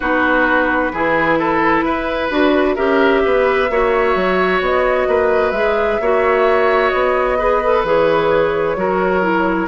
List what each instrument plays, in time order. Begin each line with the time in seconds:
0.00 bassoon B3, clarinet D#4, oboe F#4, flute B4
0.93 bassoon E3, clarinet E4, oboe G#4
1.38 oboe A4
1.82 bassoon E4, oboe B4
2.31 bassoon D4, clarinet F#4
2.75 bassoon C#4, clarinet G4, oboe A#4, flute E5
3.24 bassoon B3, oboe B4
3.69 bassoon A#3, clarinet F#4, oboe C#5
4.15 bassoon F#3
4.60 bassoon B3, flute D#5
5.07 bassoon A#3, oboe B4
5.51 bassoon G#3, clarinet G#4, flute E5
6.00 bassoon A#3, clarinet F#4, oboe C#5
6.89 bassoon B3, flute D#5
7.38 clarinet G#4, oboe B4
7.63 clarinet A4
7.83 bassoon E3, clarinet G#4, flute C#5
8.76 bassoon F#3, clarinet F#4, oboe A#4
9.21 clarinet E4